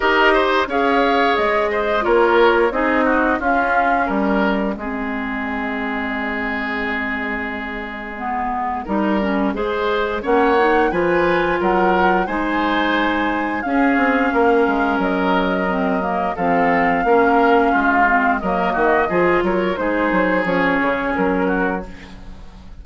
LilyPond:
<<
  \new Staff \with { instrumentName = "flute" } { \time 4/4 \tempo 4 = 88 dis''4 f''4 dis''4 cis''4 | dis''4 f''4 dis''2~ | dis''1~ | dis''2. fis''4 |
gis''4 fis''4 gis''2 | f''2 dis''2 | f''2. dis''4~ | dis''8 cis''8 c''4 cis''4 ais'4 | }
  \new Staff \with { instrumentName = "oboe" } { \time 4/4 ais'8 c''8 cis''4. c''8 ais'4 | gis'8 fis'8 f'4 ais'4 gis'4~ | gis'1~ | gis'4 ais'4 c''4 cis''4 |
b'4 ais'4 c''2 | gis'4 ais'2. | a'4 ais'4 f'4 ais'8 fis'8 | gis'8 ais'8 gis'2~ gis'8 fis'8 | }
  \new Staff \with { instrumentName = "clarinet" } { \time 4/4 g'4 gis'2 f'4 | dis'4 cis'2 c'4~ | c'1 | b4 dis'8 cis'8 gis'4 cis'8 dis'8 |
f'2 dis'2 | cis'2. c'8 ais8 | c'4 cis'4. c'8 ais4 | f'4 dis'4 cis'2 | }
  \new Staff \with { instrumentName = "bassoon" } { \time 4/4 dis'4 cis'4 gis4 ais4 | c'4 cis'4 g4 gis4~ | gis1~ | gis4 g4 gis4 ais4 |
f4 fis4 gis2 | cis'8 c'8 ais8 gis8 fis2 | f4 ais4 gis4 fis8 dis8 | f8 fis8 gis8 fis8 f8 cis8 fis4 | }
>>